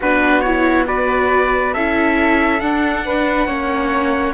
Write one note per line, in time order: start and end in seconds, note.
0.00 1.74 B3
0.00 0.45 D4
0.00 0.87 F#4
0.00 0.41 B4
0.41 0.87 E4
0.41 0.84 C#5
0.87 1.74 F#4
0.87 1.73 B4
0.87 1.73 D5
1.73 2.61 C#4
1.73 2.61 E4
1.73 3.04 A4
1.73 2.60 E5
2.60 3.47 D4
2.60 3.46 D4
2.60 4.33 F#5
3.05 3.47 B4
3.46 4.33 A#3
3.46 4.33 C#4
3.46 4.33 C#5